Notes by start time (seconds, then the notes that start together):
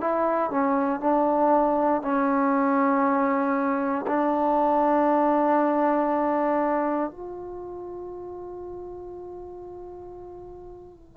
0.00 E4
0.50 C#4
1.00 D4
2.02 C#4
4.07 D4
7.10 F4